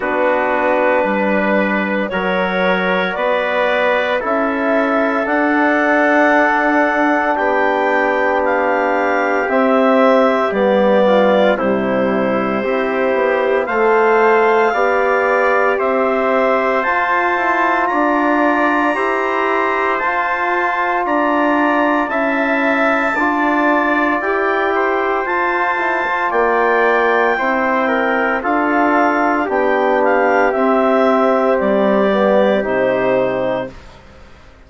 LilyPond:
<<
  \new Staff \with { instrumentName = "clarinet" } { \time 4/4 \tempo 4 = 57 b'2 cis''4 d''4 | e''4 fis''2 g''4 | f''4 e''4 d''4 c''4~ | c''4 f''2 e''4 |
a''4 ais''2 a''4 | ais''4 a''2 g''4 | a''4 g''2 f''4 | g''8 f''8 e''4 d''4 c''4 | }
  \new Staff \with { instrumentName = "trumpet" } { \time 4/4 fis'4 b'4 ais'4 b'4 | a'2. g'4~ | g'2~ g'8 f'8 e'4 | g'4 c''4 d''4 c''4~ |
c''4 d''4 c''2 | d''4 e''4 d''4. c''8~ | c''4 d''4 c''8 ais'8 a'4 | g'1 | }
  \new Staff \with { instrumentName = "trombone" } { \time 4/4 d'2 fis'2 | e'4 d'2.~ | d'4 c'4 b4 g4 | e'4 a'4 g'2 |
f'2 g'4 f'4~ | f'4 e'4 f'4 g'4 | f'8 e'16 f'4~ f'16 e'4 f'4 | d'4 c'4. b8 dis'4 | }
  \new Staff \with { instrumentName = "bassoon" } { \time 4/4 b4 g4 fis4 b4 | cis'4 d'2 b4~ | b4 c'4 g4 c4 | c'8 b8 a4 b4 c'4 |
f'8 e'8 d'4 e'4 f'4 | d'4 cis'4 d'4 e'4 | f'4 ais4 c'4 d'4 | b4 c'4 g4 c4 | }
>>